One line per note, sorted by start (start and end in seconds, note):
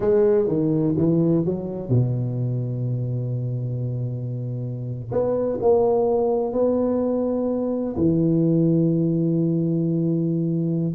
0.00 0.47 G#3
0.47 0.95 D#3
0.97 1.45 E3
1.45 1.89 F#3
1.89 5.10 B2
5.11 5.59 B3
5.61 6.52 A#3
6.52 7.95 B3
7.96 10.94 E3